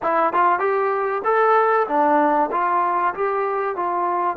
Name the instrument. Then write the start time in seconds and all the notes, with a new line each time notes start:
trombone
0.02 E4
0.33 F4
0.59 G4
1.24 A4
1.87 D4
2.51 F4
3.14 G4
3.76 F4